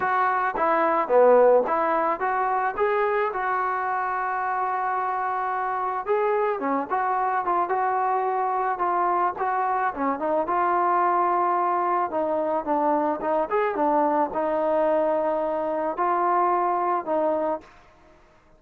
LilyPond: \new Staff \with { instrumentName = "trombone" } { \time 4/4 \tempo 4 = 109 fis'4 e'4 b4 e'4 | fis'4 gis'4 fis'2~ | fis'2. gis'4 | cis'8 fis'4 f'8 fis'2 |
f'4 fis'4 cis'8 dis'8 f'4~ | f'2 dis'4 d'4 | dis'8 gis'8 d'4 dis'2~ | dis'4 f'2 dis'4 | }